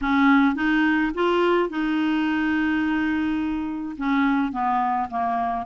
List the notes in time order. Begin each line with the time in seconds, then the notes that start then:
0.01 C#4
0.55 D#4
1.14 F4
1.69 D#4
3.97 C#4
4.52 B3
5.10 A#3